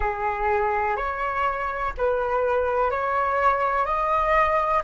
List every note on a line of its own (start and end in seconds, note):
0.00 0.96 G#4
0.96 1.93 C#5
1.97 2.90 B4
2.90 3.85 C#5
3.85 4.82 D#5